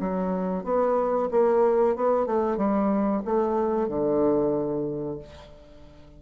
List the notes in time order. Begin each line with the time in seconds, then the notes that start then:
0.00 F#3
0.64 B3
1.31 A#3
1.96 B3
2.26 A3
2.57 G3
3.25 A3
3.88 D3